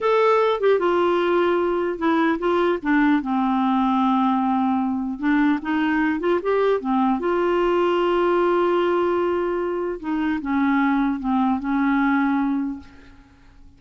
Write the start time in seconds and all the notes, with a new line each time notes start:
0.00 A4
0.60 G4
0.79 F4
1.98 E4
2.39 F4
2.82 D4
3.22 C4
5.19 D4
5.62 D#4
6.20 F4
6.42 G4
6.80 C4
7.19 F4
9.99 D#4
10.41 C#4
11.19 C4
11.59 C#4